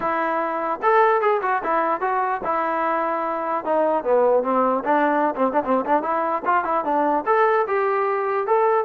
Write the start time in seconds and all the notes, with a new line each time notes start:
0.00 E4
0.82 A4
1.21 G#4
1.42 F#4
1.63 E4
2.01 F#4
2.44 E4
3.64 D#4
4.03 B3
4.43 C4
4.84 D4
5.35 C4
5.53 D4
5.64 C4
5.85 D4
6.02 E4
6.45 F4
6.64 E4
6.84 D4
7.26 A4
7.67 G4
8.46 A4